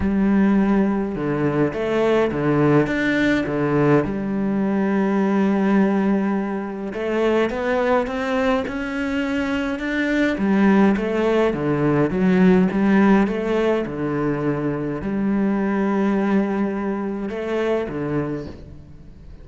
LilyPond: \new Staff \with { instrumentName = "cello" } { \time 4/4 \tempo 4 = 104 g2 d4 a4 | d4 d'4 d4 g4~ | g1 | a4 b4 c'4 cis'4~ |
cis'4 d'4 g4 a4 | d4 fis4 g4 a4 | d2 g2~ | g2 a4 d4 | }